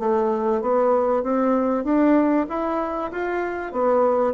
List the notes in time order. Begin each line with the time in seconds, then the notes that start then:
0.00 A3
0.62 B3
1.23 C4
1.85 D4
2.49 E4
3.12 F4
3.73 B3